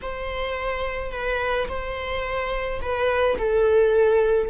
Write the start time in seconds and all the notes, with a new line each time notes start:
0.02 C5
1.11 B4
1.68 C5
2.81 B4
3.38 A4